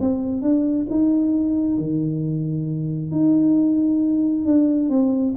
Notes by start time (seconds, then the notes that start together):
0.00 C4
0.42 D4
0.90 D#4
1.78 D#3
3.11 D#4
4.45 D4
4.89 C4